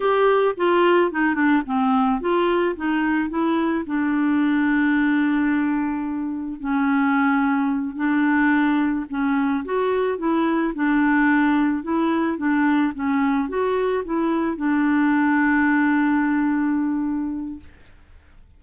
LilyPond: \new Staff \with { instrumentName = "clarinet" } { \time 4/4 \tempo 4 = 109 g'4 f'4 dis'8 d'8 c'4 | f'4 dis'4 e'4 d'4~ | d'1 | cis'2~ cis'8 d'4.~ |
d'8 cis'4 fis'4 e'4 d'8~ | d'4. e'4 d'4 cis'8~ | cis'8 fis'4 e'4 d'4.~ | d'1 | }